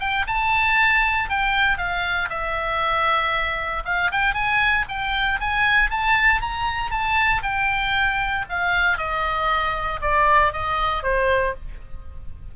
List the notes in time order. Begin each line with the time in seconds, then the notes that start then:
0.00 G5
0.28 A5
1.30 G5
1.78 F5
2.30 E5
3.86 F5
4.12 G5
4.34 G#5
4.89 G5
5.41 G#5
5.91 A5
6.42 A#5
6.91 A5
7.43 G5
8.50 F5
8.98 D#5
10.02 D5
10.53 D#5
11.03 C5